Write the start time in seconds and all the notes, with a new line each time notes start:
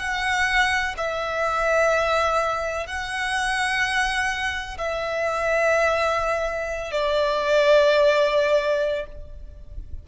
0.00 F#5
0.98 E5
2.87 F#5
4.78 E5
6.92 D5